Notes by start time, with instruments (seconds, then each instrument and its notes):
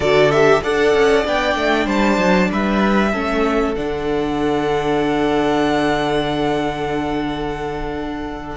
0.00 cello D3, viola F#4, violin A4 D5
0.31 viola G4, violin E5
0.62 cello D4, viola A4, violin D5 F#5
0.94 cello C#4
1.24 cello B3, viola D4, violin G5
1.55 cello A3
1.85 cello G3, violin C5 A5
2.17 cello F#3
2.51 cello G3, violin B4 E5
3.11 cello A3, viola C#4, violin A4
3.74 cello D3, viola D4, violin F#5